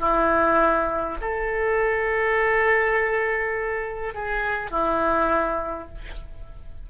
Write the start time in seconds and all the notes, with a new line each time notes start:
0.00 E4
1.21 A4
4.14 G#4
4.71 E4